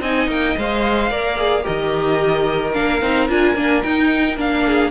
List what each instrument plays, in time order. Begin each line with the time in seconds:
0.00 cello C4, viola D#4, violin D#5 G#5
0.27 cello A#3, violin G5
0.57 cello G#3, viola C5, violin F5
1.10 cello A#3, viola A#4, violin D5
1.37 viola G#4
1.62 cello D#3, viola G4, violin A#4 D#5
2.73 cello A#3, viola D4, violin F5
3.02 cello C4, viola D#4
3.29 cello D4, viola F4, violin G#5
3.55 cello A#3, viola D4
3.82 viola D#4, cello D#4, violin G5
4.36 cello A#3, viola D4, violin F5
4.65 violin G#4